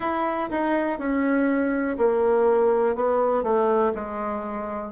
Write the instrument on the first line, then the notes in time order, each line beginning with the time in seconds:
bassoon
0.00 E4
0.50 D#4
0.98 C#4
1.97 A#3
2.95 B3
3.43 A3
3.94 G#3